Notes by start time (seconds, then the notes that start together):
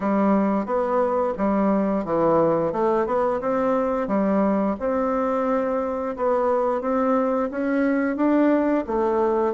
0.00 G3
0.65 B3
1.37 G3
2.04 E3
2.72 A3
3.06 B3
3.41 C4
4.07 G3
4.79 C4
6.16 B3
6.81 C4
7.51 C#4
8.16 D4
8.86 A3